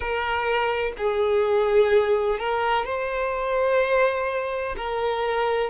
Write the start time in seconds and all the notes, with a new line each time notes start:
0.00 A#4
0.97 G#4
2.39 A#4
2.85 C5
4.76 A#4